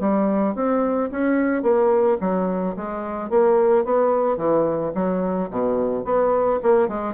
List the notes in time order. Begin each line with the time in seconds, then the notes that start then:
0.00 G3
0.55 C4
1.11 C#4
1.63 A#3
2.21 F#3
2.76 G#3
3.30 A#3
3.85 B3
4.37 E3
4.95 F#3
5.50 B2
6.05 B3
6.63 A#3
6.88 G#3